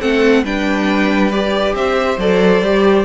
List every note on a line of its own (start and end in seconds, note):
0.00 0.43 A3
0.00 0.44 C4
0.00 0.43 A4
0.00 0.45 F#5
0.43 1.73 G3
0.43 1.32 D4
0.43 1.75 B4
0.43 1.32 G5
1.32 2.19 G4
1.32 1.75 D5
1.73 2.17 C4
1.73 3.05 C5
1.73 2.19 E5
2.18 2.61 F#3
2.18 2.64 A4
2.18 3.05 D5
2.61 3.05 G3
2.61 3.05 G4